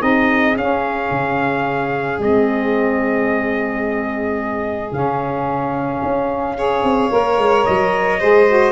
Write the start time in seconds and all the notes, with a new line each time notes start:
0.00 C4 D#4 G#4 D#5
0.57 C#4 F5
1.11 C#3
2.20 G#3 C4 D#5
4.92 C#3 C#4 F5
6.03 C#4
6.58 G#4 C#5
6.84 C4
7.10 A#3 A#4
7.38 G#3
7.65 F#3 D#5
8.20 G#3 G#4 C5
8.48 F#4